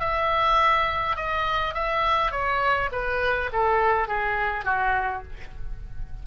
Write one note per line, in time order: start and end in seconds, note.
0.00 1.17 E5
1.17 1.75 D#5
1.75 2.32 E5
2.32 2.90 C#5
2.92 3.51 B4
3.53 4.08 A4
4.08 4.65 G#4
4.65 5.23 F#4